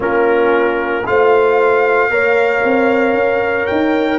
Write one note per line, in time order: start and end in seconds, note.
0.00 1.05 A#3
0.00 1.03 C#4
0.00 1.06 F4
0.00 1.06 A#4
1.05 2.10 A3
1.05 2.10 F4
1.05 2.11 C5
1.05 3.66 F5
2.10 2.62 A#3
2.10 4.19 A#4
2.10 4.19 C#5
2.64 3.13 C4
3.13 3.66 C#4
3.66 4.19 D#4
3.66 4.19 G5